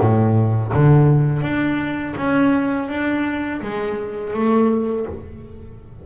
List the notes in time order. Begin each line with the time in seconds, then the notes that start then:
0.00 A2
0.73 D3
1.42 D4
2.17 C#4
2.89 D4
3.61 G#3
4.33 A3